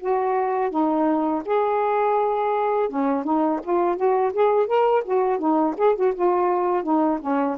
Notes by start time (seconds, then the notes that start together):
0.00 F#4
0.71 D#4
1.46 G#4
2.89 C#4
3.24 D#4
3.63 F4
3.97 F#4
4.34 G#4
4.67 A#4
5.05 F#4
5.39 D#4
5.78 G#4
5.96 F#4
6.15 F4
6.83 D#4
7.21 C#4